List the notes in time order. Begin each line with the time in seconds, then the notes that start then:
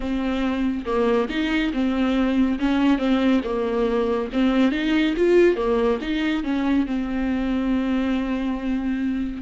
0.00 C4
0.85 A#3
1.29 D#4
1.73 C4
2.59 C#4
2.98 C4
3.44 A#3
4.32 C4
4.71 D#4
5.16 F4
5.56 A#3
6.01 D#4
6.43 C#4
6.86 C4